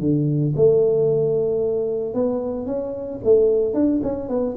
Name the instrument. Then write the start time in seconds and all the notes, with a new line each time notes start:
tuba
0.00 D3
0.56 A3
2.14 B3
2.66 C#4
3.24 A3
3.74 D4
4.02 C#4
4.28 B3